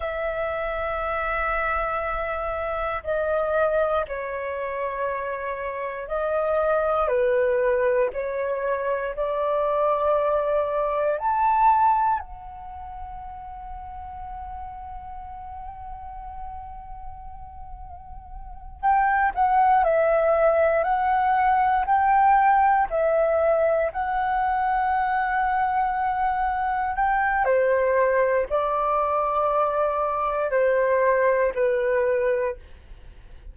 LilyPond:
\new Staff \with { instrumentName = "flute" } { \time 4/4 \tempo 4 = 59 e''2. dis''4 | cis''2 dis''4 b'4 | cis''4 d''2 a''4 | fis''1~ |
fis''2~ fis''8 g''8 fis''8 e''8~ | e''8 fis''4 g''4 e''4 fis''8~ | fis''2~ fis''8 g''8 c''4 | d''2 c''4 b'4 | }